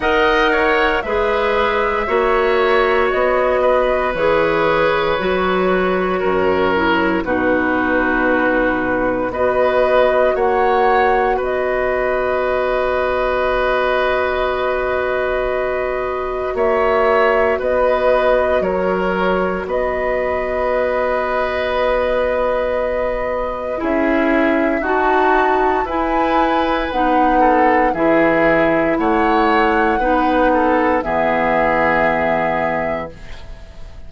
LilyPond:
<<
  \new Staff \with { instrumentName = "flute" } { \time 4/4 \tempo 4 = 58 fis''4 e''2 dis''4 | cis''2. b'4~ | b'4 dis''4 fis''4 dis''4~ | dis''1 |
e''4 dis''4 cis''4 dis''4~ | dis''2. e''4 | a''4 gis''4 fis''4 e''4 | fis''2 e''2 | }
  \new Staff \with { instrumentName = "oboe" } { \time 4/4 dis''8 cis''8 b'4 cis''4. b'8~ | b'2 ais'4 fis'4~ | fis'4 b'4 cis''4 b'4~ | b'1 |
cis''4 b'4 ais'4 b'4~ | b'2. gis'4 | fis'4 b'4. a'8 gis'4 | cis''4 b'8 a'8 gis'2 | }
  \new Staff \with { instrumentName = "clarinet" } { \time 4/4 ais'4 gis'4 fis'2 | gis'4 fis'4. e'8 dis'4~ | dis'4 fis'2.~ | fis'1~ |
fis'1~ | fis'2. e'4 | fis'4 e'4 dis'4 e'4~ | e'4 dis'4 b2 | }
  \new Staff \with { instrumentName = "bassoon" } { \time 4/4 dis'4 gis4 ais4 b4 | e4 fis4 fis,4 b,4~ | b,4 b4 ais4 b4~ | b1 |
ais4 b4 fis4 b4~ | b2. cis'4 | dis'4 e'4 b4 e4 | a4 b4 e2 | }
>>